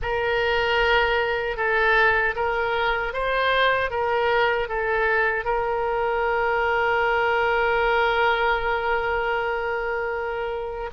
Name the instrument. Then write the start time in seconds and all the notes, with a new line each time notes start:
oboe
0.02 A#4
1.56 A4
2.36 A#4
3.13 C5
3.90 A#4
4.68 A4
5.44 A#4